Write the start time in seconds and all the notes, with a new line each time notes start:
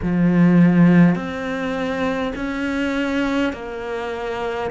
0.02 F3
1.15 C4
2.35 C#4
3.52 A#3